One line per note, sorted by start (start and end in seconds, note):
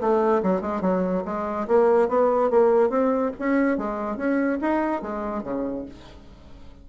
0.00 0.42 A3
0.43 0.61 F#3
0.61 0.81 G#3
0.81 1.23 F#3
1.25 1.67 G#3
1.67 2.08 A#3
2.08 2.50 B3
2.50 2.89 A#3
2.89 3.31 C4
3.39 3.77 C#4
3.77 4.16 G#3
4.16 4.58 C#4
4.61 5.02 D#4
5.02 5.43 G#3
5.43 5.85 C#3